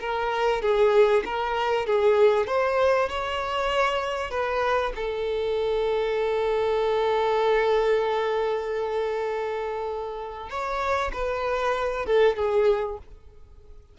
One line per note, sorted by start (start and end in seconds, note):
0.00 0.62 A#4
0.62 1.23 G#4
1.25 1.86 A#4
1.86 2.47 G#4
2.47 3.09 C5
3.09 4.31 C#5
4.31 4.93 B4
4.95 10.50 A4
10.50 11.11 C#5
11.13 12.06 B4
12.06 12.36 A4
12.36 12.98 G#4